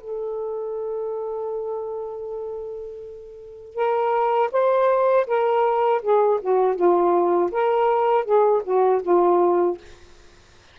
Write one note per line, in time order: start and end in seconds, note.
0.00 3.74 A4
3.74 4.49 A#4
4.51 5.26 C5
5.26 6.01 A#4
6.02 6.39 G#4
6.41 6.75 F#4
6.75 7.50 F4
7.51 8.24 A#4
8.24 8.62 G#4
8.64 9.01 F#4
9.02 9.77 F4